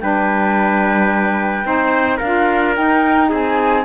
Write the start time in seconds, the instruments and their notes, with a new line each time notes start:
0.00 cello G3, saxophone D4, trumpet B4, flute G5
1.64 cello C4, saxophone D#4, trumpet C5
2.17 cello D4, trumpet A#4, flute F5
2.24 saxophone F4
2.75 saxophone D#4, cello D#4, flute G5
3.29 cello C4, trumpet G#4, flute G#5